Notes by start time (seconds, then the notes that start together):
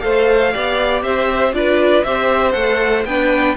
0.00 A3 A4 C5 F5
0.52 B3 G4 D5
1.02 C4 C5 E5
1.53 D4 F4 B4 D5
2.04 C4 G4 C5 E5
2.52 A3 A4 F#5
3.05 B3 D4 B4 G5